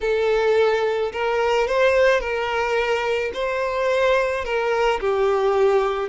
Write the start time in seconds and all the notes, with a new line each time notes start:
0.01 A4
1.12 A#4
1.67 C5
2.20 A#4
3.33 C5
4.44 A#4
5.00 G4